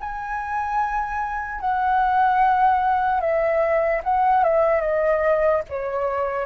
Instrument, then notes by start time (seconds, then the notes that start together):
flute
0.00 G#5
1.60 F#5
3.20 E5
4.04 F#5
4.43 E5
4.81 D#5
5.69 C#5